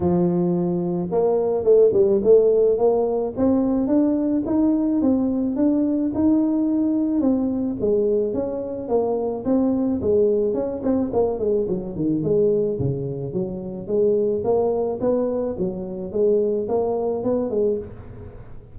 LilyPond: \new Staff \with { instrumentName = "tuba" } { \time 4/4 \tempo 4 = 108 f2 ais4 a8 g8 | a4 ais4 c'4 d'4 | dis'4 c'4 d'4 dis'4~ | dis'4 c'4 gis4 cis'4 |
ais4 c'4 gis4 cis'8 c'8 | ais8 gis8 fis8 dis8 gis4 cis4 | fis4 gis4 ais4 b4 | fis4 gis4 ais4 b8 gis8 | }